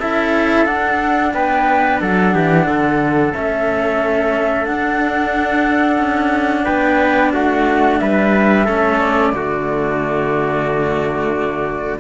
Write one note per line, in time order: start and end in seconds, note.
0.00 0.67 C#4
0.00 0.66 E4
0.00 1.33 A4
0.00 0.66 E5
0.66 3.33 D4
0.66 1.33 D4
0.66 1.32 F#5
1.34 2.01 B3
1.34 2.01 B4
1.34 2.00 G5
2.01 2.35 F#3
2.01 2.34 A4
2.01 3.33 F#5
2.35 2.67 E3
2.35 2.66 G4
2.66 3.34 D3
2.66 6.65 A4
3.33 4.70 A3
3.33 4.66 C#4
3.33 4.66 E5
4.66 8.66 D4
4.66 5.98 D4
4.66 6.65 F#5
5.98 6.65 C#4
6.65 7.34 B3
6.65 7.31 B4
6.65 7.32 G5
7.33 8.01 A3
7.33 8.00 F#4
7.33 7.99 F#5
7.99 8.68 G3
7.99 8.65 B4
7.99 8.99 E5
8.65 9.33 A3
8.65 9.33 C#4
8.65 9.32 A4
9.00 12.00 D5
9.33 11.99 D3
9.33 12.00 A3
9.33 12.00 F#4